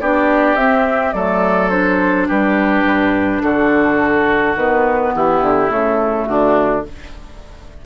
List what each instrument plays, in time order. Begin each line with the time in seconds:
0.00 bassoon B3, clarinet D4, oboe G4, flute D5
0.56 bassoon C4, clarinet C4, flute E5
1.13 bassoon F#3, clarinet A3, oboe A4, flute D5
1.70 clarinet D4, flute C5
2.28 bassoon G3, oboe G4, flute B4
2.84 bassoon G2
3.42 bassoon D3, oboe F#4, flute A4
4.56 bassoon D#3, clarinet B3, flute B4
5.15 bassoon E3, oboe E4, flute G4
5.42 bassoon D3
5.68 bassoon C#3, clarinet A3, flute A4
6.26 bassoon D3, oboe D4, flute F#4